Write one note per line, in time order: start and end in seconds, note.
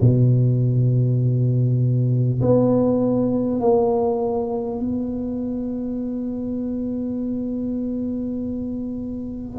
0.00 2.40 B2
2.41 3.60 B3
3.60 4.80 A#3
4.80 9.59 B3